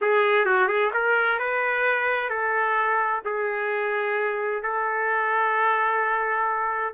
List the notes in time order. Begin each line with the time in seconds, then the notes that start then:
0.01 G#4
0.45 F#4
0.68 G#4
0.93 A#4
1.39 B4
2.29 A4
3.24 G#4
4.63 A4